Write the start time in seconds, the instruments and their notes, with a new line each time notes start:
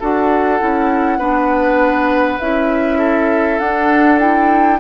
0.00 bassoon D4, clarinet F#4, oboe A4, flute F#5
0.59 bassoon C#4, clarinet E4
1.19 bassoon B3, clarinet D4, oboe B4
2.40 bassoon C#4, clarinet E4, flute E5
2.98 oboe A4
3.59 bassoon D4, clarinet D4, flute F#5
4.20 clarinet E4, flute G5